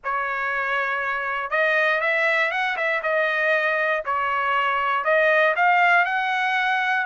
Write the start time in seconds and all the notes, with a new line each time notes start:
0.03 C#5
1.50 D#5
2.00 E5
2.51 F#5
2.76 E5
3.02 D#5
4.05 C#5
5.04 D#5
5.56 F5
6.05 F#5